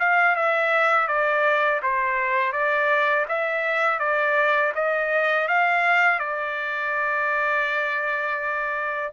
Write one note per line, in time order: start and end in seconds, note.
0.00 0.36 F5
0.36 1.08 E5
1.08 1.81 D5
1.83 2.53 C5
2.53 3.26 D5
3.29 3.99 E5
3.99 4.73 D5
4.75 5.48 D#5
5.48 6.19 F5
6.19 9.12 D5